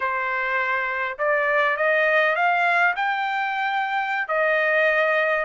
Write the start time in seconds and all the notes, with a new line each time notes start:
0.00 C5
1.18 D5
1.76 D#5
2.35 F5
2.96 G5
4.28 D#5